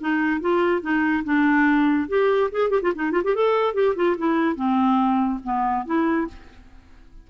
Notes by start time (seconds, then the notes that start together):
0.00 D#4
0.40 F4
0.81 D#4
1.24 D4
2.08 G4
2.51 G#4
2.69 G4
2.82 F4
2.95 D#4
3.11 F4
3.24 G4
3.35 A4
3.73 G4
3.95 F4
4.17 E4
4.55 C4
5.43 B3
5.86 E4